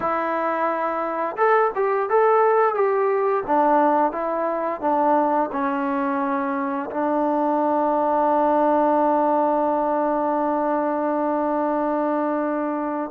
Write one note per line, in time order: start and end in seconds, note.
0.00 1.36 E4
1.36 1.71 A4
1.75 2.09 G4
2.09 2.74 A4
2.74 3.43 G4
3.47 4.12 D4
4.12 4.81 E4
4.81 5.50 D4
5.52 6.90 C#4
6.91 13.10 D4